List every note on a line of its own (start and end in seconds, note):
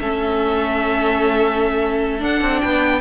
0.00 2.23 A3
0.00 2.19 C#4
0.00 2.62 A4
0.00 2.23 E5
2.19 3.01 D4
2.19 2.42 D4
2.19 2.61 F#5
2.42 2.62 C4
2.61 3.01 B3
2.61 3.01 B4
2.61 3.01 G5